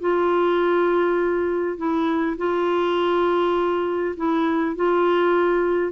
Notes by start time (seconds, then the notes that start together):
0.00 F4
1.77 E4
2.37 F4
4.16 E4
4.76 F4